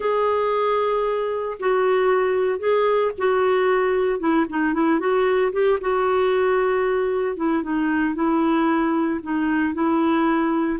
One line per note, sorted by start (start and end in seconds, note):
0.00 1.57 G#4
1.59 2.59 F#4
2.59 3.11 G#4
3.18 4.19 F#4
4.19 4.45 E4
4.49 4.73 D#4
4.73 4.99 E4
4.99 5.52 F#4
5.52 5.78 G4
5.80 7.36 F#4
7.36 7.62 E4
7.62 8.14 D#4
8.14 9.20 E4
9.22 9.74 D#4
9.74 10.79 E4